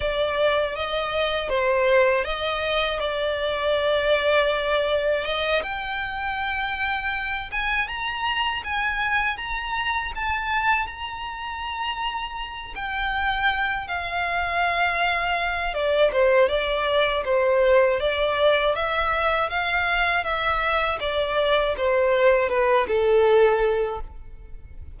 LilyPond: \new Staff \with { instrumentName = "violin" } { \time 4/4 \tempo 4 = 80 d''4 dis''4 c''4 dis''4 | d''2. dis''8 g''8~ | g''2 gis''8 ais''4 gis''8~ | gis''8 ais''4 a''4 ais''4.~ |
ais''4 g''4. f''4.~ | f''4 d''8 c''8 d''4 c''4 | d''4 e''4 f''4 e''4 | d''4 c''4 b'8 a'4. | }